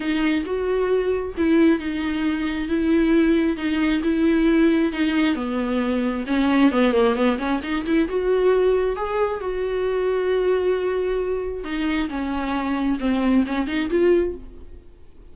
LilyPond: \new Staff \with { instrumentName = "viola" } { \time 4/4 \tempo 4 = 134 dis'4 fis'2 e'4 | dis'2 e'2 | dis'4 e'2 dis'4 | b2 cis'4 b8 ais8 |
b8 cis'8 dis'8 e'8 fis'2 | gis'4 fis'2.~ | fis'2 dis'4 cis'4~ | cis'4 c'4 cis'8 dis'8 f'4 | }